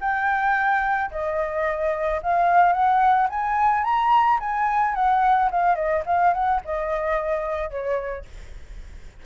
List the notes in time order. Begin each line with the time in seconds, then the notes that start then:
0.00 G5
1.11 D#5
2.22 F5
2.72 F#5
3.29 G#5
3.84 A#5
4.39 G#5
4.94 F#5
5.50 F5
5.75 D#5
6.05 F5
6.33 F#5
6.64 D#5
7.70 C#5